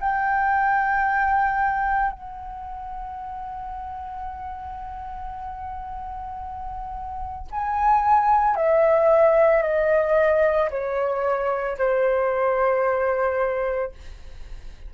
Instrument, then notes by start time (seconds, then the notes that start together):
flute
0.00 G5
2.11 F#5
7.51 G#5
8.56 E5
9.62 D#5
10.70 C#5
11.78 C5